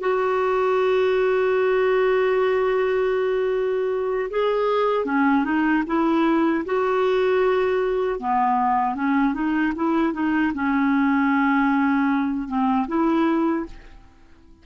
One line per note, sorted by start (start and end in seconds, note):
0.00 4.29 F#4
4.30 5.05 G#4
5.05 5.44 C#4
5.44 5.83 D#4
5.87 6.64 E4
6.65 8.19 F#4
8.19 8.95 B3
8.95 9.34 C#4
9.34 9.73 D#4
9.75 10.13 E4
10.13 10.52 D#4
10.54 12.47 C#4
12.47 12.86 C4
12.87 13.65 E4